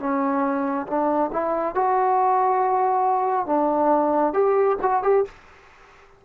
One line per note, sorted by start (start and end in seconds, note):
0.00 0.87 C#4
0.87 1.31 D4
1.33 1.75 E4
1.75 3.47 F#4
3.47 4.34 D4
4.34 4.77 G4
4.82 5.03 F#4
5.03 5.25 G4